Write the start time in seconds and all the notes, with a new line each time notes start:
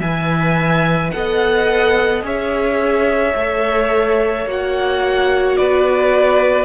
0.00 E3 B4 E5 G#5
1.11 B3 A4 D#5 F#5
2.23 C#4 G#4 C#5 E5
3.35 A3 A4
4.46 A#3 F#4 F#5
5.57 B3 B4 D5